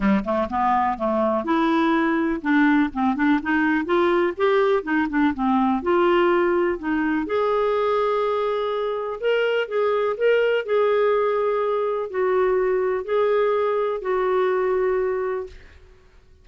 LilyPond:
\new Staff \with { instrumentName = "clarinet" } { \time 4/4 \tempo 4 = 124 g8 a8 b4 a4 e'4~ | e'4 d'4 c'8 d'8 dis'4 | f'4 g'4 dis'8 d'8 c'4 | f'2 dis'4 gis'4~ |
gis'2. ais'4 | gis'4 ais'4 gis'2~ | gis'4 fis'2 gis'4~ | gis'4 fis'2. | }